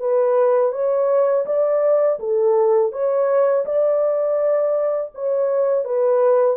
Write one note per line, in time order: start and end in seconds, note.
0.00 0.72 B4
0.72 1.45 C#5
1.46 2.19 D5
2.20 2.92 A4
2.92 3.65 C#5
3.66 5.12 D5
5.15 5.85 C#5
5.85 6.57 B4